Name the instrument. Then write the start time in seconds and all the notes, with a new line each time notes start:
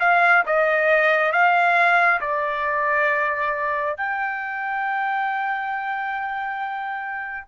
trumpet
0.00 F5
0.46 D#5
1.32 F5
2.21 D5
3.97 G5